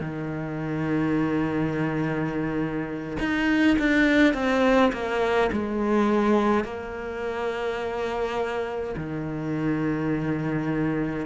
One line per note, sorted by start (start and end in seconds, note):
0.00 3.17 D#3
3.19 3.77 D#4
3.78 4.34 D4
4.34 4.91 C4
4.92 5.50 A#3
5.52 6.64 G#3
6.64 8.95 A#3
8.97 11.26 D#3